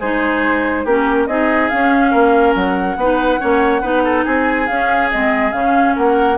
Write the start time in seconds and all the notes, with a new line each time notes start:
0.00 G#3 D#4 G#4 C5
0.84 A#3 C#4 G4 A#4
1.27 C4 D#4 G#4 D#5
1.70 C#4 F5
2.11 A#3 A#4
2.56 F#3 F#5
2.97 B3 D#4 B4
3.40 A#3 C#4 C#5
3.82 B3 D#4 B4
4.05 A4
4.25 C4 G#4 G#5
4.67 C#4 F5
5.11 G#3 C4 D#5
5.52 C#3 C#4 F5
5.96 A#3 A#4 F#5